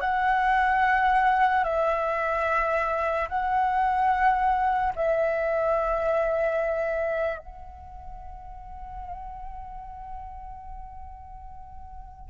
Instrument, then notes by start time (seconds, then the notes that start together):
flute
0.00 F#5
1.64 E5
3.28 F#5
4.95 E5
7.38 F#5